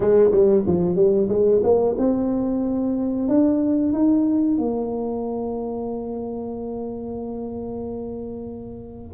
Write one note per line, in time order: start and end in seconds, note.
0.00 0.31 G#3
0.31 0.63 G3
0.66 0.95 F3
0.95 1.28 G3
1.29 1.61 G#3
1.63 1.95 A#3
1.97 3.28 C4
3.28 3.92 D4
3.92 4.57 D#4
4.57 9.14 A#3